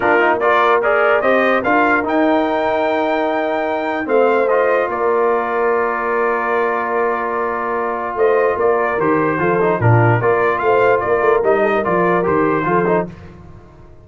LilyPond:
<<
  \new Staff \with { instrumentName = "trumpet" } { \time 4/4 \tempo 4 = 147 ais'4 d''4 ais'4 dis''4 | f''4 g''2.~ | g''2 f''4 dis''4 | d''1~ |
d''1 | dis''4 d''4 c''2 | ais'4 d''4 f''4 d''4 | dis''4 d''4 c''2 | }
  \new Staff \with { instrumentName = "horn" } { \time 4/4 f'4 ais'4 d''4 c''4 | ais'1~ | ais'2 c''2 | ais'1~ |
ais'1 | c''4 ais'2 a'4 | f'4 ais'4 c''4 ais'4~ | ais'8 a'16 ais'2~ ais'16 a'4 | }
  \new Staff \with { instrumentName = "trombone" } { \time 4/4 d'8 dis'8 f'4 gis'4 g'4 | f'4 dis'2.~ | dis'2 c'4 f'4~ | f'1~ |
f'1~ | f'2 g'4 f'8 dis'8 | d'4 f'2. | dis'4 f'4 g'4 f'8 dis'8 | }
  \new Staff \with { instrumentName = "tuba" } { \time 4/4 ais2. c'4 | d'4 dis'2.~ | dis'2 a2 | ais1~ |
ais1 | a4 ais4 dis4 f4 | ais,4 ais4 a4 ais8 a8 | g4 f4 dis4 f4 | }
>>